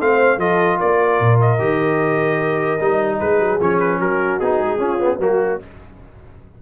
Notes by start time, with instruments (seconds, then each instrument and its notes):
0.00 tuba A3, trombone C4, horn C5, trumpet F5
0.38 tuba F3, trombone F4, horn A4, trumpet D#5
0.78 tuba A#3, horn A#4, trumpet D5
1.20 tuba A#2
1.41 trumpet D#5
1.59 tuba D#3, trombone G4
2.80 tuba G3, trombone D#4
3.20 tuba G#3, horn G#4, trumpet B4
3.40 tuba F#3
3.61 tuba F3, trombone C#4, trumpet C#5
3.80 trumpet B4
3.99 tuba F#3, horn F#4, trumpet A#4
4.40 tuba B3, trombone D#4, trumpet G#4
4.61 tuba G#3
4.79 tuba C#4, trombone C#4, horn F4
5.00 trombone B3
5.19 tuba F#3, trombone A#3, horn F#4, trumpet F#4